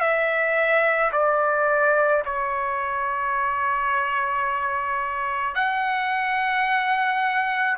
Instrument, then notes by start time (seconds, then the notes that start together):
trumpet
0.00 E5
1.13 D5
2.26 C#5
5.55 F#5